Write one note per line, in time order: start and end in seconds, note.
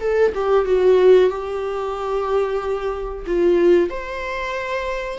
0.00 0.33 A4
0.34 0.65 G4
0.65 1.30 F#4
1.30 3.25 G4
3.27 3.90 F4
3.90 5.19 C5